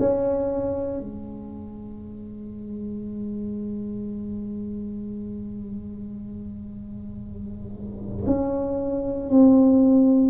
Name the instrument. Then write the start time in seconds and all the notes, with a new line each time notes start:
tuba
0.00 C#4
1.01 G#3
8.27 C#4
9.30 C4